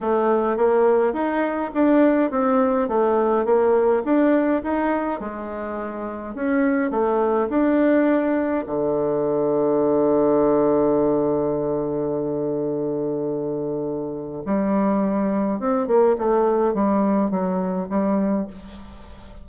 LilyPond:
\new Staff \with { instrumentName = "bassoon" } { \time 4/4 \tempo 4 = 104 a4 ais4 dis'4 d'4 | c'4 a4 ais4 d'4 | dis'4 gis2 cis'4 | a4 d'2 d4~ |
d1~ | d1~ | d4 g2 c'8 ais8 | a4 g4 fis4 g4 | }